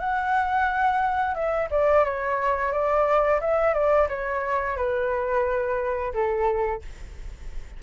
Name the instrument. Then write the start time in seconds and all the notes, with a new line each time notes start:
flute
0.00 F#5
1.35 E5
1.71 D5
2.05 C#5
2.72 D5
3.41 E5
3.74 D5
4.09 C#5
4.77 B4
6.14 A4